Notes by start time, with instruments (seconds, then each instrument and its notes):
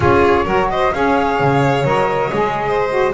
0.00 double bass C#4, saxophone F4, violin G#4, flute C#5
0.44 double bass F#3, saxophone F#4, violin A#4
0.70 violin C5, flute D#5
0.93 double bass C#4, saxophone G#4, violin C#5, flute F5
1.40 double bass C#3
1.84 double bass F#3, saxophone A#4, flute D#5
2.32 double bass G#3, saxophone G#4
2.67 violin C5
2.89 saxophone F#4